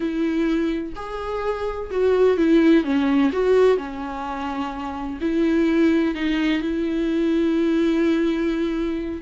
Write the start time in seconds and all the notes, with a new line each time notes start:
0.00 E4
0.95 G#4
1.90 F#4
2.37 E4
2.84 C#4
3.32 F#4
3.77 C#4
5.20 E4
6.14 D#4
6.61 E4